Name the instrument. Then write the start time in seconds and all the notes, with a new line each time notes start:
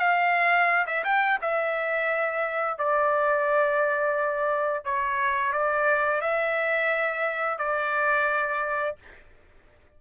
trumpet
0.00 F5
0.87 E5
1.05 G5
1.42 E5
2.79 D5
4.85 C#5
5.53 D5
6.21 E5
7.59 D5